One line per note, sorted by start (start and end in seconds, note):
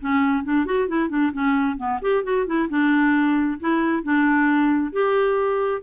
0.00 0.44 C#4
0.44 0.66 D4
0.66 0.88 F#4
0.88 1.09 E4
1.09 1.32 D4
1.32 1.77 C#4
1.77 2.00 B3
2.02 2.24 G4
2.24 2.46 F#4
2.46 2.69 E4
2.69 3.59 D4
3.60 4.03 E4
4.03 4.92 D4
4.92 5.82 G4